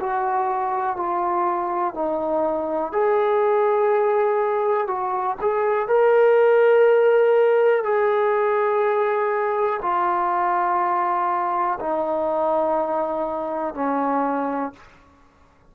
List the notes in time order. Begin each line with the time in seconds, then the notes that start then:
0.00 F#4
0.97 F4
1.94 D#4
2.93 G#4
4.87 F#4
5.41 G#4
5.88 A#4
7.84 G#4
9.82 F4
11.80 D#4
13.74 C#4